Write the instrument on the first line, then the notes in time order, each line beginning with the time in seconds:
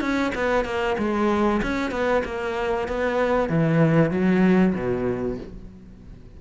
cello
0.00 C#4
0.34 B3
0.65 A#3
0.98 G#3
1.62 C#4
1.91 B3
2.24 A#3
2.88 B3
3.49 E3
4.11 F#3
4.74 B2